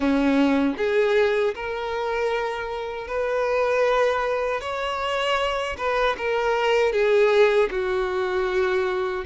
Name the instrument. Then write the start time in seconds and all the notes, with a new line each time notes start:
violin
0.00 C#4
0.77 G#4
1.54 A#4
3.07 B4
4.60 C#5
5.77 B4
6.17 A#4
6.92 G#4
7.71 F#4